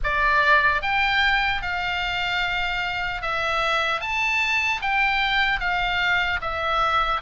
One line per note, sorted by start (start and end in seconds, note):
0.03 0.81 D5
0.81 1.61 G5
1.61 3.21 F5
3.21 4.00 E5
4.00 4.80 A5
4.81 5.60 G5
5.60 6.40 F5
6.41 7.21 E5